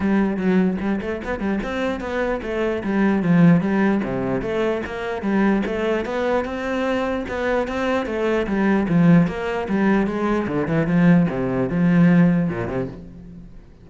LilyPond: \new Staff \with { instrumentName = "cello" } { \time 4/4 \tempo 4 = 149 g4 fis4 g8 a8 b8 g8 | c'4 b4 a4 g4 | f4 g4 c4 a4 | ais4 g4 a4 b4 |
c'2 b4 c'4 | a4 g4 f4 ais4 | g4 gis4 d8 e8 f4 | c4 f2 ais,8 c8 | }